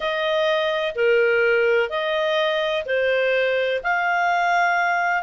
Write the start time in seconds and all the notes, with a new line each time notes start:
0.00 D#5
0.95 A#4
1.89 D#5
2.85 C5
3.83 F5